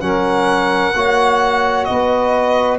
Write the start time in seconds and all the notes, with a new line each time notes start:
0.00 F#3 C#4 A#4 F#5
0.94 A#3 F#4 C#5
1.84 B3 B4 D#5